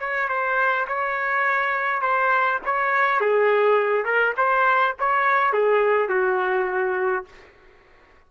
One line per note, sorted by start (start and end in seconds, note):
0.00 0.29 C#5
0.29 0.87 C5
0.88 2.02 C#5
2.02 2.60 C5
2.66 3.21 C#5
3.21 4.05 G#4
4.05 4.35 A#4
4.38 4.96 C5
5.00 5.53 C#5
5.53 6.09 G#4
6.09 7.26 F#4